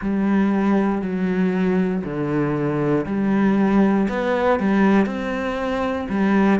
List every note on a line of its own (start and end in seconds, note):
0.01 1.01 G3
1.01 2.03 F#3
2.03 3.05 D3
3.06 4.07 G3
4.08 4.59 B3
4.59 5.06 G3
5.06 6.07 C4
6.09 6.60 G3